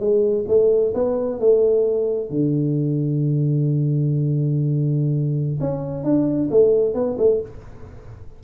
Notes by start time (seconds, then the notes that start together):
0.00 G#3
0.48 A3
0.95 B3
1.40 A3
2.30 D3
5.61 C#4
6.04 D4
6.51 A3
6.95 B3
7.19 A3